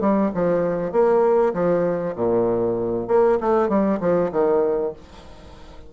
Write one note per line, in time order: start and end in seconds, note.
0.00 0.31 G3
0.35 0.92 F3
0.92 1.53 A#3
1.53 2.15 F3
2.16 3.08 A#2
3.08 3.38 A#3
3.40 3.68 A3
3.68 3.99 G3
4.00 4.31 F3
4.31 4.93 D#3